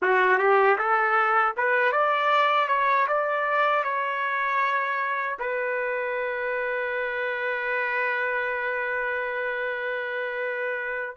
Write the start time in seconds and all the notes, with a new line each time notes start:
0.02 F#4
0.38 G4
0.78 A4
1.56 B4
1.92 D5
2.68 C#5
3.07 D5
3.83 C#5
5.39 B4